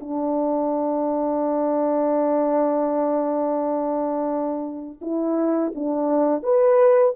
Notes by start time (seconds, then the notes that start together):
0.00 D4
5.01 E4
5.75 D4
6.43 B4